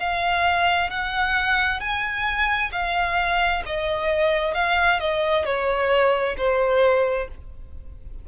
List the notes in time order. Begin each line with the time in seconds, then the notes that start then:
0.00 F5
0.90 F#5
1.81 G#5
2.72 F5
3.66 D#5
4.55 F5
5.00 D#5
5.45 C#5
6.38 C5